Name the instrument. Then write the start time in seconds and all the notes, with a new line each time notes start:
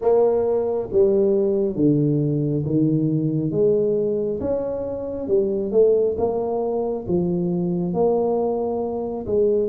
tuba
0.01 A#3
0.92 G3
1.75 D3
2.65 D#3
3.51 G#3
4.40 C#4
5.27 G3
5.72 A3
6.17 A#3
7.07 F3
7.93 A#3
9.26 G#3